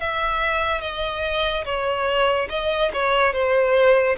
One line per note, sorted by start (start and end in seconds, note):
0.00 0.81 E5
0.81 1.65 D#5
1.65 2.48 C#5
2.50 2.91 D#5
2.94 3.33 C#5
3.33 4.16 C5